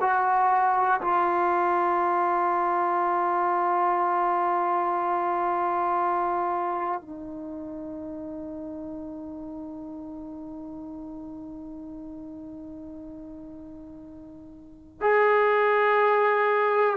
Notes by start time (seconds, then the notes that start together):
0.00 F#4
1.01 F4
7.01 D#4
15.01 G#4